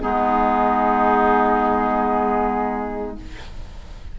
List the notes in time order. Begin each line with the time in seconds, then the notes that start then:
0.00 G#3 B3 D#4 G#4